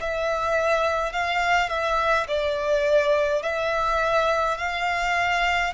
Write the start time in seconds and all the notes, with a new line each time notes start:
0.00 E5
1.12 F5
1.69 E5
2.27 D5
3.42 E5
4.57 F5